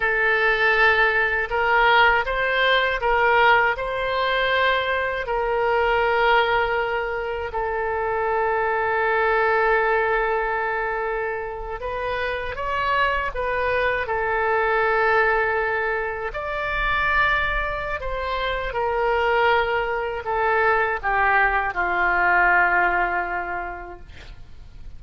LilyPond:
\new Staff \with { instrumentName = "oboe" } { \time 4/4 \tempo 4 = 80 a'2 ais'4 c''4 | ais'4 c''2 ais'4~ | ais'2 a'2~ | a'2.~ a'8. b'16~ |
b'8. cis''4 b'4 a'4~ a'16~ | a'4.~ a'16 d''2~ d''16 | c''4 ais'2 a'4 | g'4 f'2. | }